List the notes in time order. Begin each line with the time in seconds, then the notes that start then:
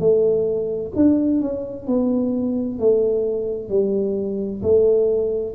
0.00 A3
0.96 D4
1.41 C#4
1.87 B3
2.79 A3
3.70 G3
4.63 A3